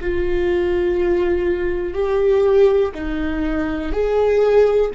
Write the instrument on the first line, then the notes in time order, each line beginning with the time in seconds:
viola
0.00 F4
1.94 G4
2.94 D#4
3.92 G#4